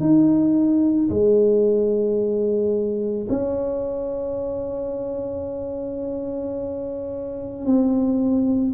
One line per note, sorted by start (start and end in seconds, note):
0.00 1.09 D#4
1.10 3.28 G#3
3.29 7.65 C#4
7.65 8.74 C4